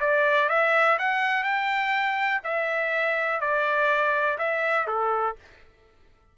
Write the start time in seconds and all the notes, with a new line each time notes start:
0.00 D5
0.49 E5
0.98 F#5
1.43 G5
2.43 E5
3.40 D5
4.38 E5
4.87 A4